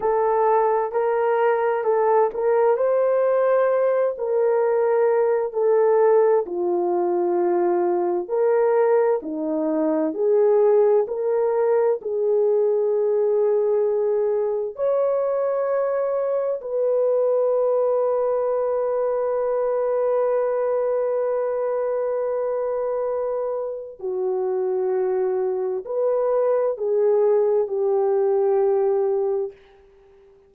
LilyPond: \new Staff \with { instrumentName = "horn" } { \time 4/4 \tempo 4 = 65 a'4 ais'4 a'8 ais'8 c''4~ | c''8 ais'4. a'4 f'4~ | f'4 ais'4 dis'4 gis'4 | ais'4 gis'2. |
cis''2 b'2~ | b'1~ | b'2 fis'2 | b'4 gis'4 g'2 | }